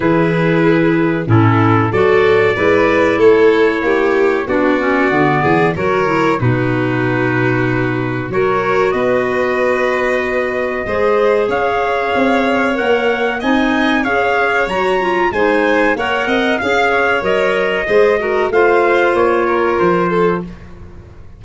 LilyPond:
<<
  \new Staff \with { instrumentName = "trumpet" } { \time 4/4 \tempo 4 = 94 b'2 a'4 d''4~ | d''4 cis''2 d''4~ | d''4 cis''4 b'2~ | b'4 cis''4 dis''2~ |
dis''2 f''2 | fis''4 gis''4 f''4 ais''4 | gis''4 fis''4 f''4 dis''4~ | dis''4 f''4 cis''4 c''4 | }
  \new Staff \with { instrumentName = "violin" } { \time 4/4 gis'2 e'4 a'4 | b'4 a'4 g'4 fis'4~ | fis'8 gis'8 ais'4 fis'2~ | fis'4 ais'4 b'2~ |
b'4 c''4 cis''2~ | cis''4 dis''4 cis''2 | c''4 cis''8 dis''8 f''8 cis''4. | c''8 ais'8 c''4. ais'4 a'8 | }
  \new Staff \with { instrumentName = "clarinet" } { \time 4/4 e'2 cis'4 fis'4 | e'2. d'8 cis'8 | b4 fis'8 e'8 dis'2~ | dis'4 fis'2.~ |
fis'4 gis'2. | ais'4 dis'4 gis'4 fis'8 f'8 | dis'4 ais'4 gis'4 ais'4 | gis'8 fis'8 f'2. | }
  \new Staff \with { instrumentName = "tuba" } { \time 4/4 e2 a,4 fis4 | gis4 a4 ais4 b4 | d8 e8 fis4 b,2~ | b,4 fis4 b2~ |
b4 gis4 cis'4 c'4 | ais4 c'4 cis'4 fis4 | gis4 ais8 c'8 cis'4 fis4 | gis4 a4 ais4 f4 | }
>>